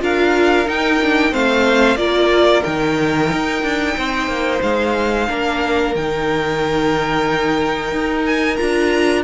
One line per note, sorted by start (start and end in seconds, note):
0.00 0.68 D4
0.00 0.66 F4
0.00 1.32 A#4
0.00 0.69 F5
0.66 0.99 D#4
0.66 1.34 D#4
0.66 1.34 G5
1.02 1.31 D4
1.31 1.96 A3
1.31 1.97 C4
1.31 1.98 C5
1.31 1.97 F5
1.96 2.62 A#3
1.96 2.63 F4
1.96 3.97 A#4
1.96 2.63 D5
2.64 3.32 D#3
2.64 5.29 D#4
2.64 4.62 G5
3.33 3.63 D#4
3.63 3.96 D4
3.98 4.27 C4
3.98 5.29 C5
4.27 4.60 A#3
4.63 5.29 G#3
4.63 5.95 F5
5.29 5.95 A#3
5.29 5.95 D4
5.29 9.24 A#4
5.95 7.92 D#3
5.95 8.59 D#4
5.95 8.26 G5
7.92 8.58 D#4
8.26 8.57 G#5
8.57 9.24 D4
8.57 9.24 F4
8.57 9.23 A#5